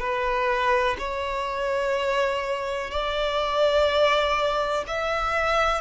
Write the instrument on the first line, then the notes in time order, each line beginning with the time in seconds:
violin
0.00 B4
0.99 C#5
2.91 D5
4.88 E5